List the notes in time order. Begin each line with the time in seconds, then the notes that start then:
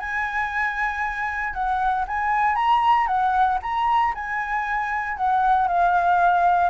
0.00 G#5
1.54 F#5
2.08 G#5
2.56 A#5
3.07 F#5
3.63 A#5
4.15 G#5
5.17 F#5
5.68 F5